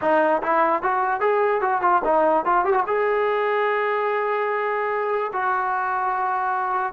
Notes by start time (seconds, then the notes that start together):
0.01 D#4
0.42 E4
0.82 F#4
1.20 G#4
1.61 F#4
1.81 F4
2.04 D#4
2.45 F4
2.64 G4
2.73 F#4
2.86 G#4
5.33 F#4